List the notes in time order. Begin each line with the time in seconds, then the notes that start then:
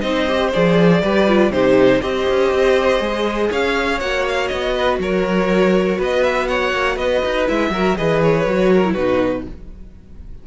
0.00 C4 D#4 C5 D#5
0.27 G4
0.53 F3 G#4 D5
1.02 G3 G4 B4
1.27 F4
1.50 C3 D#4 G4 C5
2.01 C4 G4 C5 D#5
2.29 C#4
2.53 C4
2.99 G#3 G#4
3.49 C#4 C#5 F5
3.99 A#3 F#4 F#5
4.28 F5
4.47 B3 D#5
4.74 B4
4.98 F#3 A#4 C#5
5.98 B3 B4 D#5
6.23 E5
6.47 C#5 F#5
6.72 A#3
6.95 B3 B4 D#5
7.25 D#4
7.46 G#3 E4 E5
7.69 F#3 F#4 A#4
7.96 E3 G#4 B4 D#5
8.22 C#5
8.46 F#3 F#4
8.73 A#4
8.84 E4
8.93 B2 D#4 F#4 B4